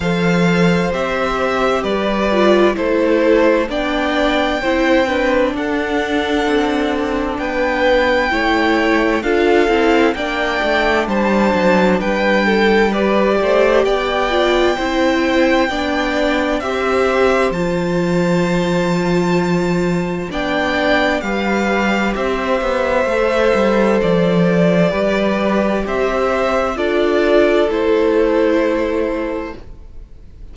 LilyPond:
<<
  \new Staff \with { instrumentName = "violin" } { \time 4/4 \tempo 4 = 65 f''4 e''4 d''4 c''4 | g''2 fis''2 | g''2 f''4 g''4 | a''4 g''4 d''4 g''4~ |
g''2 e''4 a''4~ | a''2 g''4 f''4 | e''2 d''2 | e''4 d''4 c''2 | }
  \new Staff \with { instrumentName = "violin" } { \time 4/4 c''2 b'4 a'4 | d''4 c''8 b'8 a'2 | b'4 cis''4 a'4 d''4 | c''4 b'8 a'8 b'8 c''8 d''4 |
c''4 d''4 c''2~ | c''2 d''4 b'4 | c''2. b'4 | c''4 a'2. | }
  \new Staff \with { instrumentName = "viola" } { \time 4/4 a'4 g'4. f'8 e'4 | d'4 e'8 d'2~ d'8~ | d'4 e'4 f'8 e'8 d'4~ | d'2 g'4. f'8 |
e'4 d'4 g'4 f'4~ | f'2 d'4 g'4~ | g'4 a'2 g'4~ | g'4 f'4 e'2 | }
  \new Staff \with { instrumentName = "cello" } { \time 4/4 f4 c'4 g4 a4 | b4 c'4 d'4 c'4 | b4 a4 d'8 c'8 ais8 a8 | g8 fis8 g4. a8 b4 |
c'4 b4 c'4 f4~ | f2 b4 g4 | c'8 b8 a8 g8 f4 g4 | c'4 d'4 a2 | }
>>